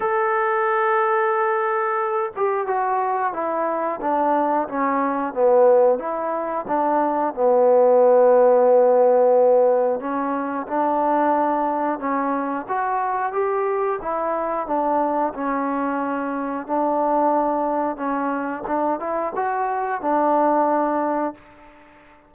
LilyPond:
\new Staff \with { instrumentName = "trombone" } { \time 4/4 \tempo 4 = 90 a'2.~ a'8 g'8 | fis'4 e'4 d'4 cis'4 | b4 e'4 d'4 b4~ | b2. cis'4 |
d'2 cis'4 fis'4 | g'4 e'4 d'4 cis'4~ | cis'4 d'2 cis'4 | d'8 e'8 fis'4 d'2 | }